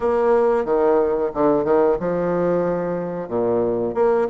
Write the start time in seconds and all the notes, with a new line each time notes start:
0.00 A#3
0.64 D#3
1.34 D3
1.64 D#3
1.99 F3
3.28 A#2
3.94 A#3